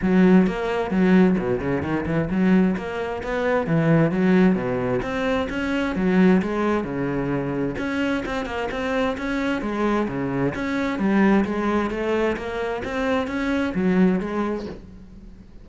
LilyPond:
\new Staff \with { instrumentName = "cello" } { \time 4/4 \tempo 4 = 131 fis4 ais4 fis4 b,8 cis8 | dis8 e8 fis4 ais4 b4 | e4 fis4 b,4 c'4 | cis'4 fis4 gis4 cis4~ |
cis4 cis'4 c'8 ais8 c'4 | cis'4 gis4 cis4 cis'4 | g4 gis4 a4 ais4 | c'4 cis'4 fis4 gis4 | }